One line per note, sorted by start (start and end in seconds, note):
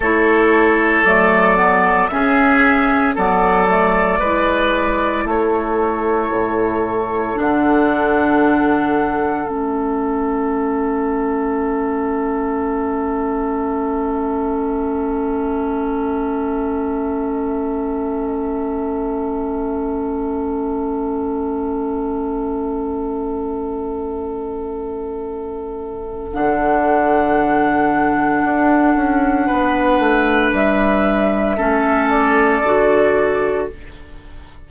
0.00 1.04 A3
0.00 1.06 E4
0.00 2.10 A4
0.00 1.04 C#5
1.04 2.09 F#3
1.04 1.56 A3
1.04 2.07 D5
1.56 2.09 B3
2.07 3.15 C#3
2.07 3.16 C#4
2.07 3.14 G#4
2.07 3.13 E5
3.14 4.19 F#3
3.14 3.68 B3
3.14 4.19 A4
3.14 5.28 D5
3.68 4.21 A3
4.19 5.24 G#3
4.19 7.35 E4
4.19 5.24 B4
5.24 6.29 A3
5.24 29.46 A4
5.24 7.39 C#5
6.31 7.36 A2
7.35 9.45 D3
7.35 9.45 D4
7.35 9.48 F#5
9.45 26.30 A3
9.45 26.31 C#4
9.45 26.32 E5
26.32 28.44 D3
26.32 31.58 D4
26.32 30.53 F#5
28.44 28.95 D4
28.95 29.48 C#4
29.46 29.99 B3
29.46 31.56 B4
29.99 30.52 A3
30.52 31.57 G3
30.52 32.09 E5
31.56 32.62 A3
31.56 32.63 C#4
31.56 33.67 A4
32.09 33.67 D5
32.62 33.68 D3
32.62 33.70 F#4